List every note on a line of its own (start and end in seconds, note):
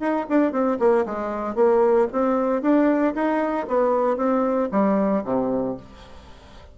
0.00 0.26 D#4
0.29 0.52 D4
0.52 0.78 C4
0.79 1.05 A#3
1.05 1.55 G#3
1.55 2.07 A#3
2.12 2.62 C4
2.62 3.14 D4
3.14 3.67 D#4
3.67 4.17 B3
4.17 4.69 C4
4.71 5.24 G3
5.24 5.77 C3